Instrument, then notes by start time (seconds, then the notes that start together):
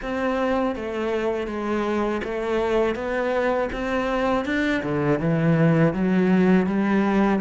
cello
0.02 C4
0.75 A3
1.47 G#3
2.24 A3
2.95 B3
3.72 C4
4.45 D4
4.82 D3
5.19 E3
5.93 F#3
6.66 G3